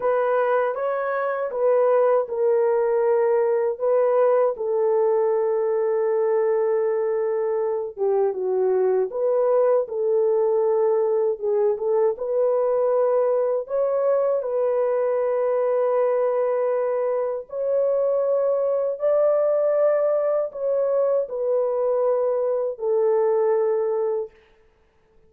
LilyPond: \new Staff \with { instrumentName = "horn" } { \time 4/4 \tempo 4 = 79 b'4 cis''4 b'4 ais'4~ | ais'4 b'4 a'2~ | a'2~ a'8 g'8 fis'4 | b'4 a'2 gis'8 a'8 |
b'2 cis''4 b'4~ | b'2. cis''4~ | cis''4 d''2 cis''4 | b'2 a'2 | }